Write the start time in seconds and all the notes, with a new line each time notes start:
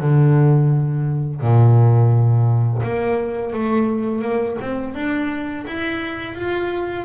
0.00 D3
1.41 A#2
2.83 A#3
3.53 A3
4.22 A#3
4.61 C4
4.94 D4
5.67 E4
6.35 F4